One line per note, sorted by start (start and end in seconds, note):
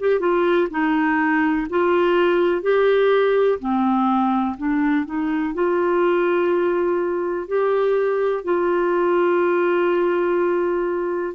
0.00 0.20 G4
0.20 0.68 F4
0.71 1.68 D#4
1.70 2.62 F4
2.62 3.59 G4
3.59 4.56 C4
4.57 5.06 D4
5.06 5.54 D#4
5.54 7.48 F4
7.48 8.44 G4
8.44 11.34 F4